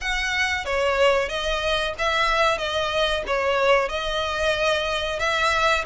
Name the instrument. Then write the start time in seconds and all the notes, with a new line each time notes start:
violin
0.00 F#5
0.65 C#5
1.29 D#5
1.98 E5
2.58 D#5
3.26 C#5
3.88 D#5
5.19 E5